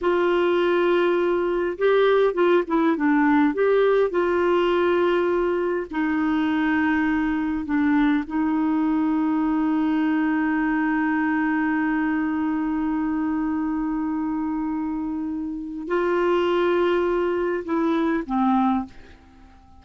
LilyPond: \new Staff \with { instrumentName = "clarinet" } { \time 4/4 \tempo 4 = 102 f'2. g'4 | f'8 e'8 d'4 g'4 f'4~ | f'2 dis'2~ | dis'4 d'4 dis'2~ |
dis'1~ | dis'1~ | dis'2. f'4~ | f'2 e'4 c'4 | }